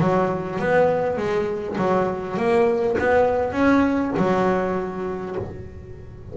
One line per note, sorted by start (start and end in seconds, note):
0.00 0.59 F#3
0.59 1.17 B3
1.17 1.77 G#3
1.78 2.37 F#3
2.37 2.96 A#3
2.98 3.52 B3
3.52 4.12 C#4
4.17 5.36 F#3